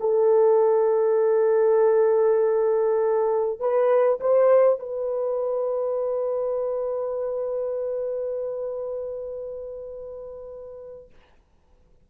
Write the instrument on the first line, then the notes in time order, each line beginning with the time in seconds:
horn
0.00 A4
3.60 B4
4.20 C5
4.79 B4